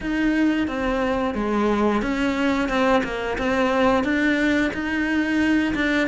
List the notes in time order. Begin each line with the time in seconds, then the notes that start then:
0.01 D#4
0.67 C4
1.34 G#3
2.01 C#4
2.68 C4
3.03 A#3
3.38 C4
4.04 D4
4.73 D#4
5.74 D4